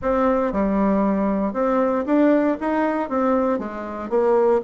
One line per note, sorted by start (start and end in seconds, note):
0.02 0.52 C4
0.52 1.53 G3
1.53 2.04 C4
2.06 2.57 D4
2.60 3.09 D#4
3.09 3.58 C4
3.58 4.09 G#3
4.09 4.60 A#3